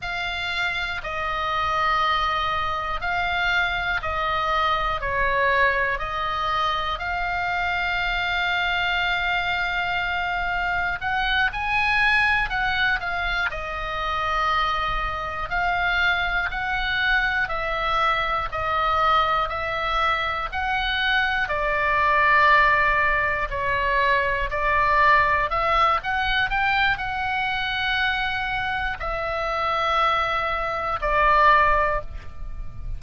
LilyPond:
\new Staff \with { instrumentName = "oboe" } { \time 4/4 \tempo 4 = 60 f''4 dis''2 f''4 | dis''4 cis''4 dis''4 f''4~ | f''2. fis''8 gis''8~ | gis''8 fis''8 f''8 dis''2 f''8~ |
f''8 fis''4 e''4 dis''4 e''8~ | e''8 fis''4 d''2 cis''8~ | cis''8 d''4 e''8 fis''8 g''8 fis''4~ | fis''4 e''2 d''4 | }